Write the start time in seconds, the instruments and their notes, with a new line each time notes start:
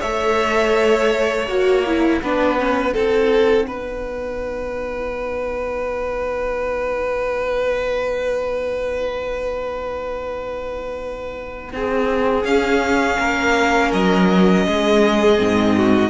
0.00 cello A3, viola A4, violin C#5 E5
1.48 cello A#3, viola F#4, violin F#5
1.86 viola E4
2.22 cello B3, viola D4, violin B4
2.59 viola C#4
2.92 cello C4, viola D#4, violin A4
3.67 cello B3, violin B4
11.73 cello C4, violin G#4
12.45 cello C#4, viola C#4, violin F5
13.19 cello A#3, violin A#4
13.93 cello F#3, violin D#5
14.66 cello G#3, violin G#4
15.36 cello G#2, viola C4
15.77 violin F#4